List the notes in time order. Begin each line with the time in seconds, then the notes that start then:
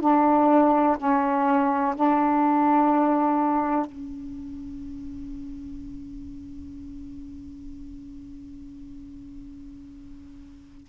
0.00 D4
0.97 C#4
1.95 D4
3.85 C#4